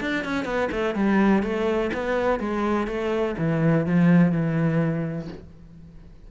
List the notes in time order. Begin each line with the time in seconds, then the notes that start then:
0.00 D4
0.24 C#4
0.45 B3
0.71 A3
0.94 G3
1.42 A3
1.93 B3
2.39 G#3
2.87 A3
3.38 E3
3.86 F3
4.32 E3